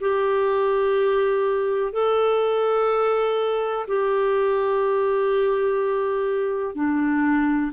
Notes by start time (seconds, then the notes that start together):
0.00 G4
1.92 A4
3.87 G4
6.75 D4